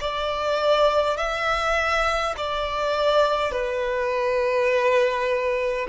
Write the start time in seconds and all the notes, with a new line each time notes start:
0.00 D5
1.17 E5
2.37 D5
3.51 B4